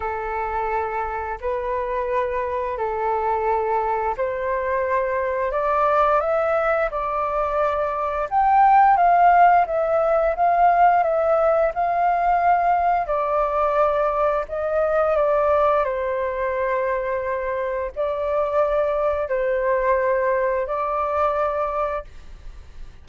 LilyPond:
\new Staff \with { instrumentName = "flute" } { \time 4/4 \tempo 4 = 87 a'2 b'2 | a'2 c''2 | d''4 e''4 d''2 | g''4 f''4 e''4 f''4 |
e''4 f''2 d''4~ | d''4 dis''4 d''4 c''4~ | c''2 d''2 | c''2 d''2 | }